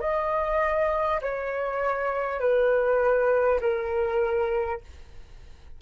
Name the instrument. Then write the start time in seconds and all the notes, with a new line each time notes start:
flute
0.00 D#5
1.21 C#5
2.39 B4
3.61 A#4